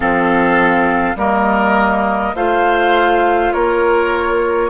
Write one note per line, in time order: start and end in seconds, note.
0.00 1.14 F3
0.00 1.16 C4
0.00 1.16 A4
0.00 1.17 F5
1.15 2.33 G3
1.15 2.34 A#3
1.15 2.35 A#4
1.15 2.35 D#5
2.34 3.52 A3
2.34 4.70 F4
2.34 3.53 C5
2.34 3.52 F5
3.52 4.70 A#3
3.52 4.70 A#4
3.52 4.70 C#5